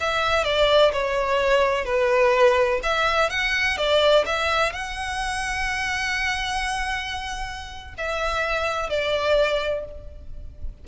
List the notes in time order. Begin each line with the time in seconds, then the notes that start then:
0.00 E5
0.44 D5
0.92 C#5
1.85 B4
2.83 E5
3.30 F#5
3.77 D5
4.26 E5
4.73 F#5
7.98 E5
8.89 D5